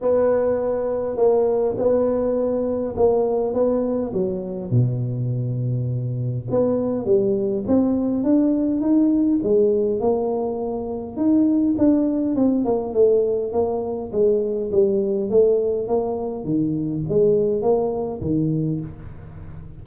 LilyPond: \new Staff \with { instrumentName = "tuba" } { \time 4/4 \tempo 4 = 102 b2 ais4 b4~ | b4 ais4 b4 fis4 | b,2. b4 | g4 c'4 d'4 dis'4 |
gis4 ais2 dis'4 | d'4 c'8 ais8 a4 ais4 | gis4 g4 a4 ais4 | dis4 gis4 ais4 dis4 | }